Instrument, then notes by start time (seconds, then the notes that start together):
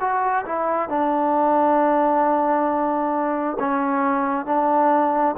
trombone
0.00 F#4
0.46 E4
0.89 D4
3.59 C#4
4.46 D4